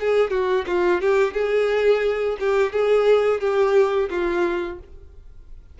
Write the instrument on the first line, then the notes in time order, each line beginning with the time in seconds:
violin
0.00 G#4
0.31 F#4
0.67 F4
1.01 G4
1.34 G#4
2.39 G4
2.72 G#4
3.40 G4
4.10 F4